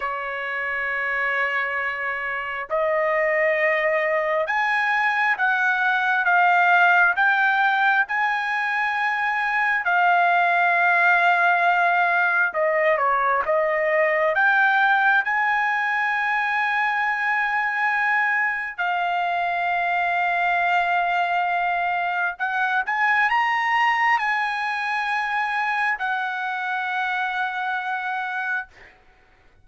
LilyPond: \new Staff \with { instrumentName = "trumpet" } { \time 4/4 \tempo 4 = 67 cis''2. dis''4~ | dis''4 gis''4 fis''4 f''4 | g''4 gis''2 f''4~ | f''2 dis''8 cis''8 dis''4 |
g''4 gis''2.~ | gis''4 f''2.~ | f''4 fis''8 gis''8 ais''4 gis''4~ | gis''4 fis''2. | }